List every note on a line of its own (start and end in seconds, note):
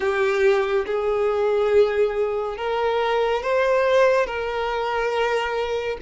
0.00 0.85 G4
0.86 2.57 G#4
2.57 3.42 A#4
3.42 4.26 C5
4.26 5.97 A#4